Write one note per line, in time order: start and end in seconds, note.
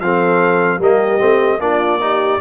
0.00 0.80 F3
0.00 0.80 C4
0.00 0.79 A4
0.00 0.80 F5
0.79 1.20 G3
0.79 1.19 A#3
0.79 1.59 G4
0.79 1.60 D#5
1.19 1.59 A3
1.19 1.59 C4
1.59 2.39 A#3
1.59 1.99 D4
1.59 2.01 F4
1.59 2.40 D5
2.00 2.40 D#4
2.00 2.40 G4